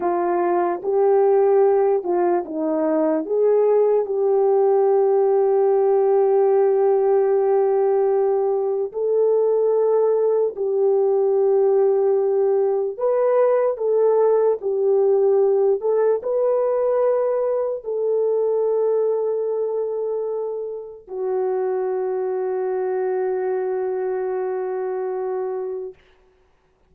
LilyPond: \new Staff \with { instrumentName = "horn" } { \time 4/4 \tempo 4 = 74 f'4 g'4. f'8 dis'4 | gis'4 g'2.~ | g'2. a'4~ | a'4 g'2. |
b'4 a'4 g'4. a'8 | b'2 a'2~ | a'2 fis'2~ | fis'1 | }